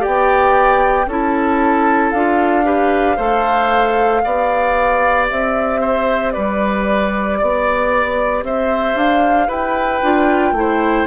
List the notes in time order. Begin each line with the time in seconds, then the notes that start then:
0.00 G4 D5 G5
0.06 B3
1.07 C#4 E4 A4 A5
2.11 D4 F4 F5
2.64 G4 B4
3.17 A3 A4 C5
4.22 B3 G4 D5
5.30 C4 E5
5.81 C5
6.32 G3 B4 D5
7.39 B3 D5
8.43 C4 C5 E5
8.95 D4 F5
9.48 E4 B4 G5
10.03 D4 F4
10.53 A3 E4
10.60 C5